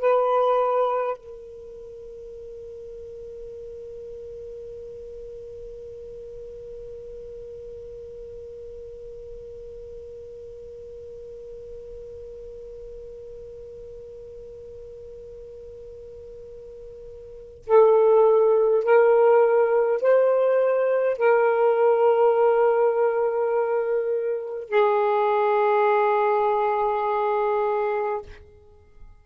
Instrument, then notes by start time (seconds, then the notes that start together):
saxophone
0.00 B4
1.17 A#4
17.66 A4
18.83 A#4
20.01 C5
21.18 A#4
24.69 G#4